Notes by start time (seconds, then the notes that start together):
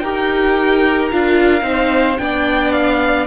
0.00 D#4 G4 A#4 G5
1.12 D4 F4 F5
1.62 C4 D#4 C5
2.18 B3 D4 D5 G5
2.72 F5